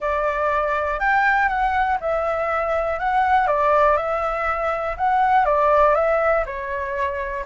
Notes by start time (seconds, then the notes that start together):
0.00 D5
0.99 G5
1.48 F#5
2.00 E5
2.99 F#5
3.47 D5
3.96 E5
4.97 F#5
5.45 D5
5.94 E5
6.46 C#5